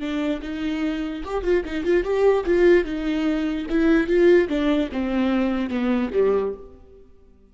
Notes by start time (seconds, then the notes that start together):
0.00 D4
0.42 D#4
1.24 G4
1.44 F4
1.65 D#4
1.84 F4
2.04 G4
2.46 F4
2.85 D#4
3.70 E4
4.08 F4
4.49 D4
4.92 C4
5.70 B3
6.13 G3